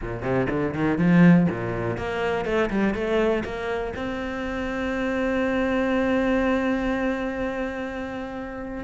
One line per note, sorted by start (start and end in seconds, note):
0.01 0.22 A#2
0.22 0.46 C3
0.49 0.74 D3
0.74 0.98 D#3
0.98 1.47 F3
1.50 1.97 A#2
1.97 2.45 A#3
2.45 2.69 A3
2.70 2.94 G3
2.94 3.43 A3
3.44 3.93 A#3
3.96 8.84 C4